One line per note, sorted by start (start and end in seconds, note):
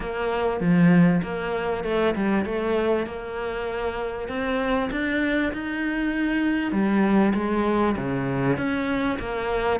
0.00 0.60 A#3
0.60 1.21 F3
1.22 1.84 A#3
1.84 2.14 A3
2.15 2.45 G3
2.45 3.06 A3
3.06 4.28 A#3
4.28 4.89 C4
4.91 5.52 D4
5.52 6.72 D#4
6.72 7.33 G3
7.34 7.95 G#3
7.96 8.57 C#3
8.57 9.18 C#4
9.19 9.80 A#3